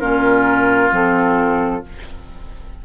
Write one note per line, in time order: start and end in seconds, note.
0.00 0.91 A#2
0.00 0.91 C#4
0.00 1.82 F4
0.00 0.91 A#4
0.91 1.82 F3
0.91 1.81 C4
0.91 1.85 A4